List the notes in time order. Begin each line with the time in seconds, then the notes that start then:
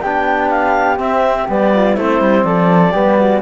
0.00 B3 D4 G4 G5
0.49 F5
0.97 C4 E5
1.48 G3 B3 D5
1.73 F4
1.95 A3 C4 E4 C5
2.21 G3
2.44 F3 A4 D5
2.92 G3 B3 G4
3.18 F#4